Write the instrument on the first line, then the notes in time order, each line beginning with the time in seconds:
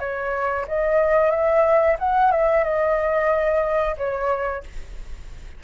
flute
0.00 C#5
0.68 D#5
1.31 E5
2.00 F#5
2.32 E5
2.64 D#5
3.98 C#5